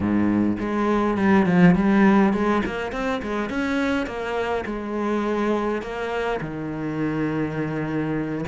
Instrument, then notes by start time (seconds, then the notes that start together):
cello
0.00 G#2
0.59 G#3
1.17 G3
1.46 F3
1.75 G3
2.33 G#3
2.65 A#3
2.92 C4
3.22 G#3
3.49 C#4
4.06 A#3
4.65 G#3
5.81 A#3
6.41 D#3